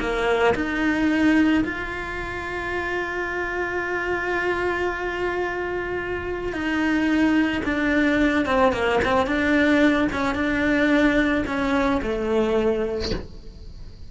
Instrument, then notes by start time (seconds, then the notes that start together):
cello
0.00 A#3
0.55 D#4
1.65 F4
6.53 D#4
7.65 D4
8.46 C4
8.73 A#3
9.05 C4
9.27 D4
10.13 C#4
10.35 D4
11.47 C#4
12.02 A3